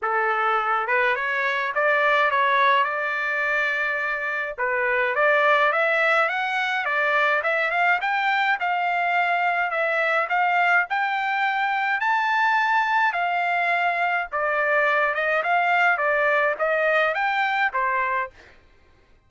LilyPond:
\new Staff \with { instrumentName = "trumpet" } { \time 4/4 \tempo 4 = 105 a'4. b'8 cis''4 d''4 | cis''4 d''2. | b'4 d''4 e''4 fis''4 | d''4 e''8 f''8 g''4 f''4~ |
f''4 e''4 f''4 g''4~ | g''4 a''2 f''4~ | f''4 d''4. dis''8 f''4 | d''4 dis''4 g''4 c''4 | }